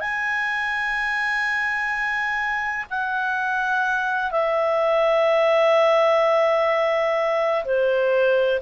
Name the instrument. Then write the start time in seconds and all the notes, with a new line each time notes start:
clarinet
0.00 G#5
2.90 F#5
4.31 E5
7.65 C5